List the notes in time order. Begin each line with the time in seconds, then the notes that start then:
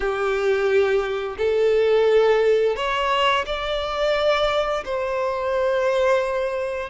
0.00 G4
1.38 A4
2.76 C#5
3.45 D5
4.84 C5